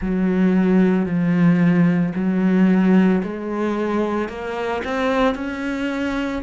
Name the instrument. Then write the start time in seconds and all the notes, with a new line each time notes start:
cello
0.00 F#3
1.05 F3
2.15 F#3
3.23 G#3
4.29 A#3
4.84 C4
5.34 C#4